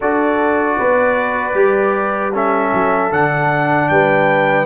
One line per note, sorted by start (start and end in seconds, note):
0.00 0.79 D4
0.00 1.54 F#4
0.00 0.77 A4
0.00 2.34 D5
0.77 1.54 B3
0.77 2.32 B4
1.54 2.71 G3
1.54 2.32 G4
2.32 3.11 C#4
2.32 3.88 A4
2.32 3.12 E5
2.73 3.12 F#3
3.11 3.90 D3
3.11 4.65 D4
3.11 3.88 F#5
3.88 4.65 G3
3.88 4.65 B4
3.88 4.65 G5